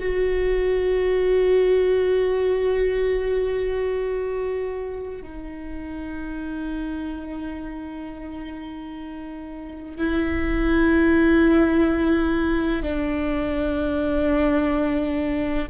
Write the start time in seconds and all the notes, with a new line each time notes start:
0.00 F#4
5.23 D#4
9.98 E4
12.83 D4